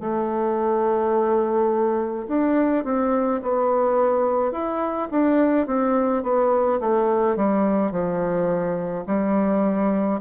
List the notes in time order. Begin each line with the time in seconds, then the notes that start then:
0.00 A3
2.27 D4
2.84 C4
3.42 B3
4.51 E4
5.10 D4
5.66 C4
6.23 B3
6.80 A3
7.36 G3
7.91 F3
9.06 G3